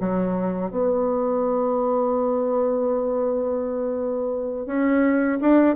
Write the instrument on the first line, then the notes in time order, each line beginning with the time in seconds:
bassoon
0.00 F#3
0.71 B3
4.66 C#4
5.41 D4